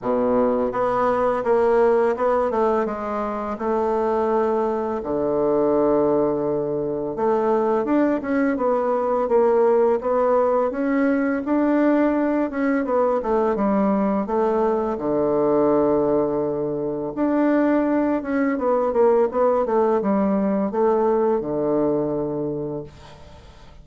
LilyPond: \new Staff \with { instrumentName = "bassoon" } { \time 4/4 \tempo 4 = 84 b,4 b4 ais4 b8 a8 | gis4 a2 d4~ | d2 a4 d'8 cis'8 | b4 ais4 b4 cis'4 |
d'4. cis'8 b8 a8 g4 | a4 d2. | d'4. cis'8 b8 ais8 b8 a8 | g4 a4 d2 | }